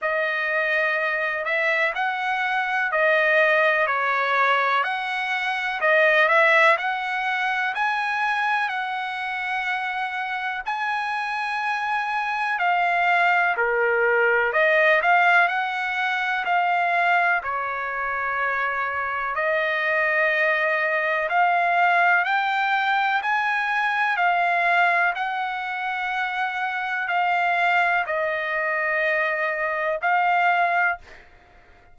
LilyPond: \new Staff \with { instrumentName = "trumpet" } { \time 4/4 \tempo 4 = 62 dis''4. e''8 fis''4 dis''4 | cis''4 fis''4 dis''8 e''8 fis''4 | gis''4 fis''2 gis''4~ | gis''4 f''4 ais'4 dis''8 f''8 |
fis''4 f''4 cis''2 | dis''2 f''4 g''4 | gis''4 f''4 fis''2 | f''4 dis''2 f''4 | }